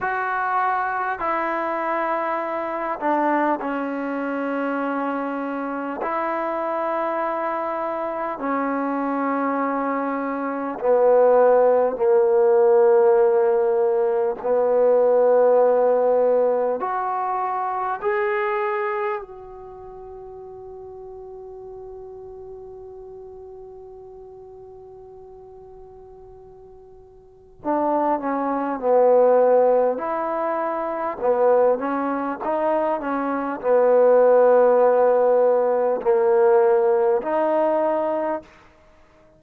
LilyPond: \new Staff \with { instrumentName = "trombone" } { \time 4/4 \tempo 4 = 50 fis'4 e'4. d'8 cis'4~ | cis'4 e'2 cis'4~ | cis'4 b4 ais2 | b2 fis'4 gis'4 |
fis'1~ | fis'2. d'8 cis'8 | b4 e'4 b8 cis'8 dis'8 cis'8 | b2 ais4 dis'4 | }